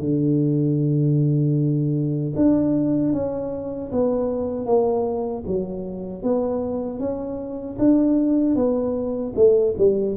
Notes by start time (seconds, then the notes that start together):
0.00 D3
2.36 D4
3.13 C#4
3.92 B3
4.66 A#3
5.47 F#3
6.23 B3
7.00 C#4
7.79 D4
8.56 B3
9.36 A3
9.78 G3